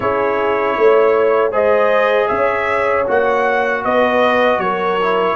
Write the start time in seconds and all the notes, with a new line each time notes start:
0.00 C#4 E4 G#4 C#5
0.76 A3 C#5
1.51 G#3 G#4 C5 D#5
2.27 C#4 C#5 E5
3.07 A#3 F#4 F#5
3.84 B3 B4 D#5
4.58 F#3 A#4 C#5
5.01 E4